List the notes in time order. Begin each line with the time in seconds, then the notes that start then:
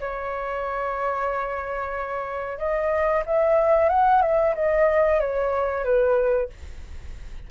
0.00 C#5
2.58 D#5
3.26 E5
3.89 F#5
4.22 E5
4.55 D#5
5.20 C#5
5.84 B4